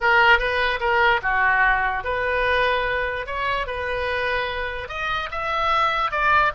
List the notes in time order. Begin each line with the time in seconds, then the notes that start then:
0.00 A#4
0.38 B4
0.79 A#4
1.22 F#4
2.03 B4
3.26 C#5
3.66 B4
4.88 D#5
5.31 E5
6.11 D5